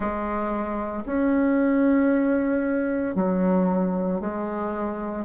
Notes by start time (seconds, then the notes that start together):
0.00 G#3
1.05 C#4
3.15 F#3
4.20 G#3